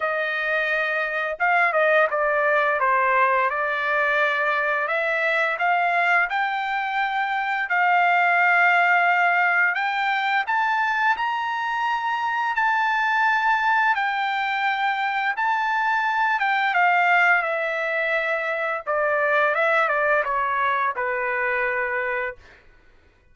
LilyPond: \new Staff \with { instrumentName = "trumpet" } { \time 4/4 \tempo 4 = 86 dis''2 f''8 dis''8 d''4 | c''4 d''2 e''4 | f''4 g''2 f''4~ | f''2 g''4 a''4 |
ais''2 a''2 | g''2 a''4. g''8 | f''4 e''2 d''4 | e''8 d''8 cis''4 b'2 | }